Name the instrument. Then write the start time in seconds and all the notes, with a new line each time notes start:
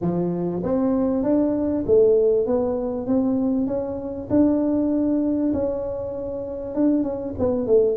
tuba
0.01 F3
0.63 C4
1.23 D4
1.86 A3
2.46 B3
3.06 C4
3.67 C#4
4.29 D4
5.53 C#4
6.74 D4
7.03 C#4
7.39 B3
7.67 A3